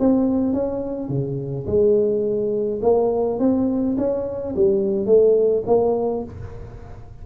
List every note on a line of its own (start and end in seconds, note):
0.00 0.54 C4
0.54 1.09 C#4
1.09 1.66 C#3
1.67 2.81 G#3
2.83 3.40 A#3
3.40 3.97 C4
3.98 4.55 C#4
4.56 5.07 G3
5.07 5.64 A3
5.67 6.24 A#3